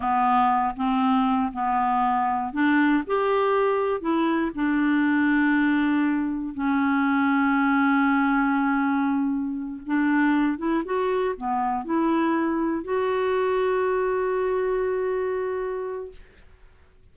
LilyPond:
\new Staff \with { instrumentName = "clarinet" } { \time 4/4 \tempo 4 = 119 b4. c'4. b4~ | b4 d'4 g'2 | e'4 d'2.~ | d'4 cis'2.~ |
cis'2.~ cis'8 d'8~ | d'4 e'8 fis'4 b4 e'8~ | e'4. fis'2~ fis'8~ | fis'1 | }